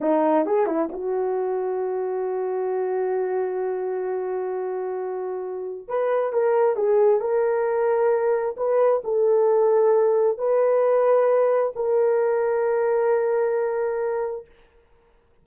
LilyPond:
\new Staff \with { instrumentName = "horn" } { \time 4/4 \tempo 4 = 133 dis'4 gis'8 e'8 fis'2~ | fis'1~ | fis'1~ | fis'4 b'4 ais'4 gis'4 |
ais'2. b'4 | a'2. b'4~ | b'2 ais'2~ | ais'1 | }